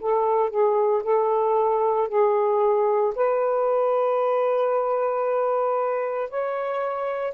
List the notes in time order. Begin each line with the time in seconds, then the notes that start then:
0.00 A4
0.50 G#4
1.03 A4
2.08 G#4
3.15 B4
6.30 C#5